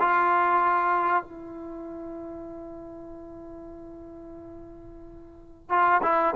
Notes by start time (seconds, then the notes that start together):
0.00 F4
1.24 E4
5.70 F4
6.03 E4